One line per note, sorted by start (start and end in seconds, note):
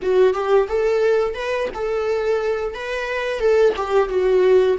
0.02 0.33 F#4
0.33 0.67 G4
0.68 1.34 A4
1.34 1.68 B4
1.74 2.74 A4
2.74 3.39 B4
3.39 3.73 A4
3.76 4.08 G4
4.08 4.77 F#4